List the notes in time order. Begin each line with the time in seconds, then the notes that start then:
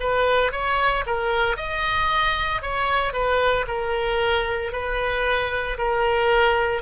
0.00 B4
0.52 C#5
1.07 A#4
1.57 D#5
2.62 C#5
3.13 B4
3.67 A#4
4.72 B4
5.78 A#4